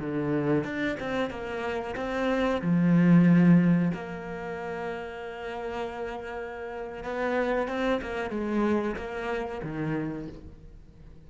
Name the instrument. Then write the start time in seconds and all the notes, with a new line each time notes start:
cello
0.00 D3
0.64 D4
1.00 C4
1.30 A#3
1.96 C4
2.62 F3
3.94 A#3
7.04 B3
7.68 C4
8.02 A#3
8.30 G#3
8.96 A#3
9.63 D#3